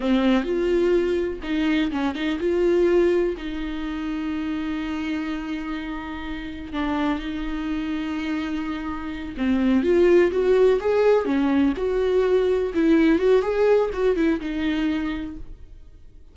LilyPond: \new Staff \with { instrumentName = "viola" } { \time 4/4 \tempo 4 = 125 c'4 f'2 dis'4 | cis'8 dis'8 f'2 dis'4~ | dis'1~ | dis'2 d'4 dis'4~ |
dis'2.~ dis'8 c'8~ | c'8 f'4 fis'4 gis'4 cis'8~ | cis'8 fis'2 e'4 fis'8 | gis'4 fis'8 e'8 dis'2 | }